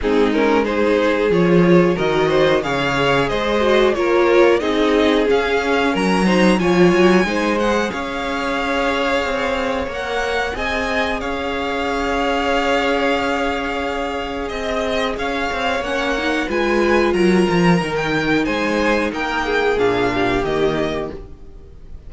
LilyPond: <<
  \new Staff \with { instrumentName = "violin" } { \time 4/4 \tempo 4 = 91 gis'8 ais'8 c''4 cis''4 dis''4 | f''4 dis''4 cis''4 dis''4 | f''4 ais''4 gis''4. fis''8 | f''2. fis''4 |
gis''4 f''2.~ | f''2 dis''4 f''4 | fis''4 gis''4 ais''4~ ais''16 g''8. | gis''4 g''4 f''4 dis''4 | }
  \new Staff \with { instrumentName = "violin" } { \time 4/4 dis'4 gis'2 ais'8 c''8 | cis''4 c''4 ais'4 gis'4~ | gis'4 ais'8 c''8 cis''4 c''4 | cis''1 |
dis''4 cis''2.~ | cis''2 dis''4 cis''4~ | cis''4 b'4 ais'2 | c''4 ais'8 gis'4 g'4. | }
  \new Staff \with { instrumentName = "viola" } { \time 4/4 c'8 cis'8 dis'4 f'4 fis'4 | gis'4. fis'8 f'4 dis'4 | cis'4. dis'8 f'4 dis'8 gis'8~ | gis'2. ais'4 |
gis'1~ | gis'1 | cis'8 dis'8 f'2 dis'4~ | dis'2 d'4 ais4 | }
  \new Staff \with { instrumentName = "cello" } { \time 4/4 gis2 f4 dis4 | cis4 gis4 ais4 c'4 | cis'4 fis4 f8 fis8 gis4 | cis'2 c'4 ais4 |
c'4 cis'2.~ | cis'2 c'4 cis'8 c'8 | ais4 gis4 fis8 f8 dis4 | gis4 ais4 ais,4 dis4 | }
>>